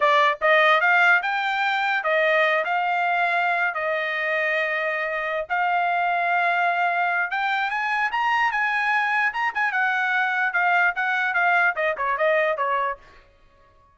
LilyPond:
\new Staff \with { instrumentName = "trumpet" } { \time 4/4 \tempo 4 = 148 d''4 dis''4 f''4 g''4~ | g''4 dis''4. f''4.~ | f''4~ f''16 dis''2~ dis''8.~ | dis''4. f''2~ f''8~ |
f''2 g''4 gis''4 | ais''4 gis''2 ais''8 gis''8 | fis''2 f''4 fis''4 | f''4 dis''8 cis''8 dis''4 cis''4 | }